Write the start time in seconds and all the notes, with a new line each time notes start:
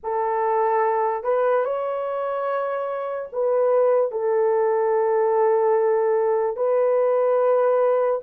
0.03 A4
1.23 B4
1.64 C#5
3.32 B4
4.11 A4
6.56 B4